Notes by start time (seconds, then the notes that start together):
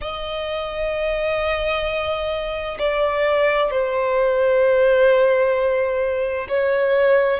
0.01 D#5
2.79 D5
3.70 C5
6.48 C#5